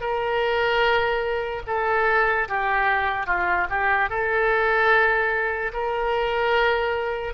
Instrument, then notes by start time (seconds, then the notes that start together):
oboe
0.00 A#4
1.67 A4
2.48 G4
3.27 F4
3.69 G4
4.09 A4
5.73 A#4